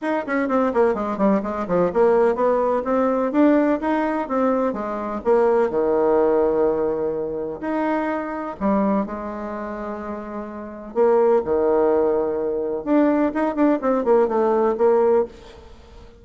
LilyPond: \new Staff \with { instrumentName = "bassoon" } { \time 4/4 \tempo 4 = 126 dis'8 cis'8 c'8 ais8 gis8 g8 gis8 f8 | ais4 b4 c'4 d'4 | dis'4 c'4 gis4 ais4 | dis1 |
dis'2 g4 gis4~ | gis2. ais4 | dis2. d'4 | dis'8 d'8 c'8 ais8 a4 ais4 | }